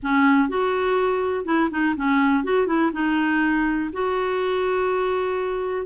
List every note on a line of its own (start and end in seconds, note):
0.02 0.48 C#4
0.48 1.45 F#4
1.45 1.69 E4
1.70 1.95 D#4
1.96 2.44 C#4
2.44 2.66 F#4
2.66 2.91 E4
2.92 3.90 D#4
3.92 5.86 F#4